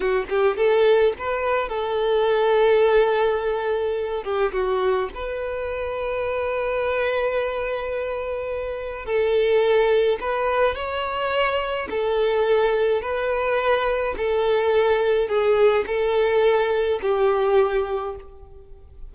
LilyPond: \new Staff \with { instrumentName = "violin" } { \time 4/4 \tempo 4 = 106 fis'8 g'8 a'4 b'4 a'4~ | a'2.~ a'8 g'8 | fis'4 b'2.~ | b'1 |
a'2 b'4 cis''4~ | cis''4 a'2 b'4~ | b'4 a'2 gis'4 | a'2 g'2 | }